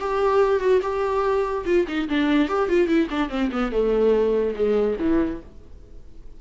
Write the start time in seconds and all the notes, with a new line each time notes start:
0.00 G4
0.60 F#4
0.82 G4
1.66 F4
1.88 D#4
2.09 D4
2.49 G4
2.69 F4
2.88 E4
3.11 D4
3.30 C4
3.52 B3
3.72 A3
4.55 G#3
5.00 E3